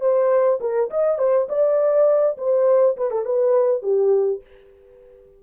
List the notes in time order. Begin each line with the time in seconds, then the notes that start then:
0.00 C5
0.60 A#4
0.90 D#5
1.18 C5
1.49 D5
2.37 C5
2.97 B4
3.10 A4
3.25 B4
3.82 G4